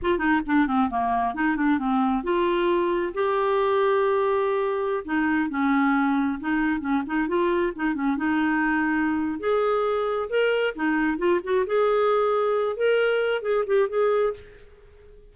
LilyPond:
\new Staff \with { instrumentName = "clarinet" } { \time 4/4 \tempo 4 = 134 f'8 dis'8 d'8 c'8 ais4 dis'8 d'8 | c'4 f'2 g'4~ | g'2.~ g'16 dis'8.~ | dis'16 cis'2 dis'4 cis'8 dis'16~ |
dis'16 f'4 dis'8 cis'8 dis'4.~ dis'16~ | dis'4 gis'2 ais'4 | dis'4 f'8 fis'8 gis'2~ | gis'8 ais'4. gis'8 g'8 gis'4 | }